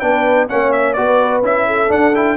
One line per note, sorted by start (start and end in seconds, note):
0.00 0.50 B3
0.00 0.49 D4
0.00 0.50 B4
0.00 0.48 G5
0.49 0.98 A#3
0.49 0.97 C#4
0.49 0.97 C#5
0.49 0.72 F#5
0.72 0.94 E5
0.94 1.43 B3
0.94 1.44 F#4
0.94 1.67 B4
0.94 1.41 D5
1.43 1.90 C#4
1.43 1.89 E4
1.43 1.92 E5
1.67 2.38 A4
1.89 2.13 D4
1.89 2.38 D4
1.89 2.16 F#5
2.16 2.38 E4
2.16 2.38 G5